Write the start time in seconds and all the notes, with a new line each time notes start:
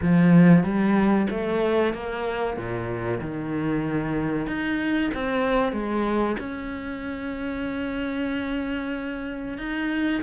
0.02 F3
0.63 G3
1.30 A3
1.93 A#3
2.56 A#2
3.21 D#3
4.47 D#4
5.14 C4
5.72 G#3
6.39 C#4
9.58 D#4